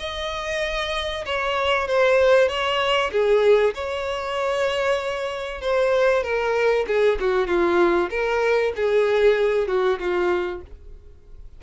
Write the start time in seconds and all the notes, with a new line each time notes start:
0.00 D#5
1.26 C#5
1.88 C5
2.49 C#5
3.12 G#4
3.75 C#5
5.61 C5
6.24 A#4
6.88 G#4
7.20 F#4
7.47 F4
8.11 A#4
8.76 G#4
9.68 F#4
10.00 F4